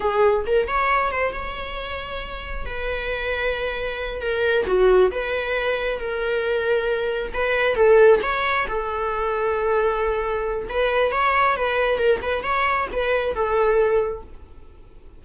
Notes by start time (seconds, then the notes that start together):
0.00 G#4
0.46 A#4
0.67 C#5
1.11 C5
1.33 C#5
2.65 B4
4.21 A#4
4.66 F#4
5.11 B4
5.99 A#4
7.33 B4
7.75 A4
8.22 C#5
8.68 A4
10.69 B4
11.11 C#5
11.56 B4
11.98 A#4
12.22 B4
12.43 C#5
12.92 B4
13.34 A4